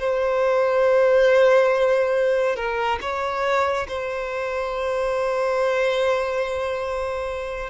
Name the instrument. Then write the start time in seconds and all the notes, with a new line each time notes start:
violin
0.00 C5
2.56 A#4
3.02 C#5
3.88 C5